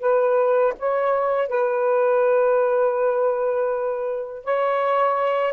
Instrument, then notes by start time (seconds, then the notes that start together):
saxophone
0.00 B4
0.79 C#5
1.48 B4
4.44 C#5